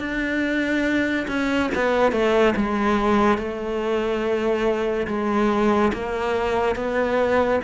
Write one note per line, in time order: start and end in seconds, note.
0.00 1.27 D4
1.28 1.70 C#4
1.75 2.12 B3
2.12 2.54 A3
2.56 3.38 G#3
3.38 5.07 A3
5.07 5.92 G#3
5.93 6.76 A#3
6.76 7.60 B3